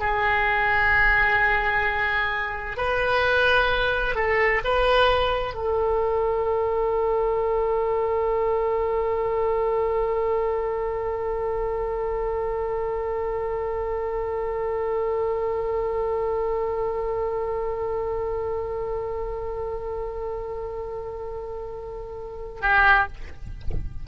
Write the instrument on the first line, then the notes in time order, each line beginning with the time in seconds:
oboe
0.00 G#4
2.77 B4
4.15 A4
4.64 B4
5.54 A4
22.61 G4